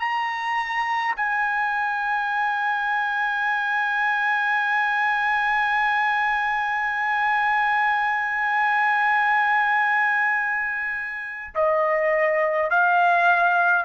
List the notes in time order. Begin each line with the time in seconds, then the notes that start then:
0.00 A#5
1.16 G#5
11.55 D#5
12.71 F5